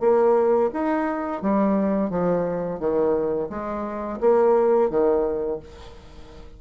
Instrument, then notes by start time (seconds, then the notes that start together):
bassoon
0.00 A#3
0.73 D#4
1.42 G3
2.10 F3
2.79 D#3
3.49 G#3
4.20 A#3
4.90 D#3